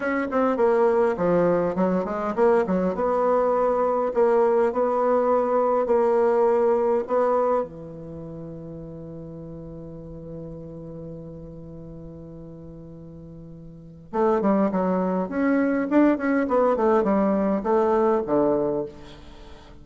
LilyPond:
\new Staff \with { instrumentName = "bassoon" } { \time 4/4 \tempo 4 = 102 cis'8 c'8 ais4 f4 fis8 gis8 | ais8 fis8 b2 ais4 | b2 ais2 | b4 e2.~ |
e1~ | e1 | a8 g8 fis4 cis'4 d'8 cis'8 | b8 a8 g4 a4 d4 | }